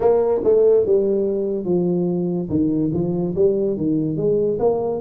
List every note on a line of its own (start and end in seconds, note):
0.00 0.41 A#3
0.44 0.85 A3
0.85 1.64 G3
1.64 2.48 F3
2.49 2.91 D#3
2.93 3.34 F3
3.35 3.77 G3
3.77 4.17 D#3
4.17 4.58 G#3
4.59 5.00 A#3